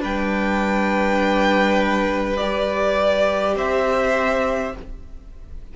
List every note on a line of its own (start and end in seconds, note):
0.00 3.55 G3
0.00 2.35 D4
0.00 3.55 B4
0.00 2.37 G5
2.37 4.76 G4
2.37 3.55 D5
3.55 4.73 C4
3.55 4.74 C5
3.55 4.75 E5